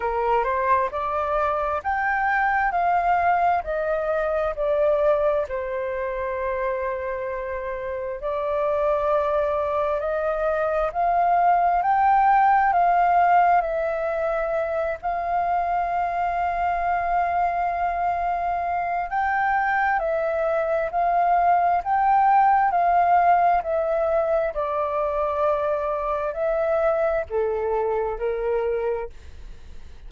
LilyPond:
\new Staff \with { instrumentName = "flute" } { \time 4/4 \tempo 4 = 66 ais'8 c''8 d''4 g''4 f''4 | dis''4 d''4 c''2~ | c''4 d''2 dis''4 | f''4 g''4 f''4 e''4~ |
e''8 f''2.~ f''8~ | f''4 g''4 e''4 f''4 | g''4 f''4 e''4 d''4~ | d''4 e''4 a'4 ais'4 | }